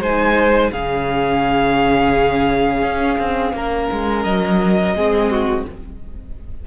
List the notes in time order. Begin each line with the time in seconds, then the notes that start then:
0.00 G#3 D#4 C5 G#5
0.71 C#3 C#4 G#4 F5
2.82 C#4
3.18 C4
3.52 A#3 A#4
3.91 G#3
4.23 F#3 D#5
4.94 G#3 C4 G#4
5.31 F#4